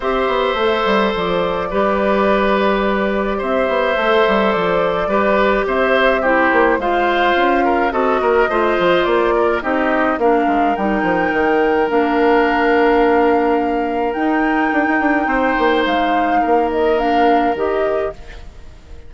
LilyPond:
<<
  \new Staff \with { instrumentName = "flute" } { \time 4/4 \tempo 4 = 106 e''2 d''2~ | d''2 e''2 | d''2 e''4 c''4 | f''2 dis''2 |
d''4 dis''4 f''4 g''4~ | g''4 f''2.~ | f''4 g''2. | f''4. dis''8 f''4 dis''4 | }
  \new Staff \with { instrumentName = "oboe" } { \time 4/4 c''2. b'4~ | b'2 c''2~ | c''4 b'4 c''4 g'4 | c''4. ais'8 a'8 ais'8 c''4~ |
c''8 ais'8 g'4 ais'2~ | ais'1~ | ais'2. c''4~ | c''4 ais'2. | }
  \new Staff \with { instrumentName = "clarinet" } { \time 4/4 g'4 a'2 g'4~ | g'2. a'4~ | a'4 g'2 e'4 | f'2 fis'4 f'4~ |
f'4 dis'4 d'4 dis'4~ | dis'4 d'2.~ | d'4 dis'2.~ | dis'2 d'4 g'4 | }
  \new Staff \with { instrumentName = "bassoon" } { \time 4/4 c'8 b8 a8 g8 f4 g4~ | g2 c'8 b8 a8 g8 | f4 g4 c'4. ais8 | gis4 cis'4 c'8 ais8 a8 f8 |
ais4 c'4 ais8 gis8 g8 f8 | dis4 ais2.~ | ais4 dis'4 d'16 dis'16 d'8 c'8 ais8 | gis4 ais2 dis4 | }
>>